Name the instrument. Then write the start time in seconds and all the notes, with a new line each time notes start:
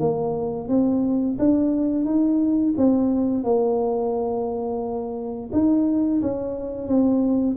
tuba
0.00 A#3
0.69 C4
1.39 D4
2.05 D#4
2.78 C4
3.44 A#3
5.53 D#4
6.22 C#4
6.88 C4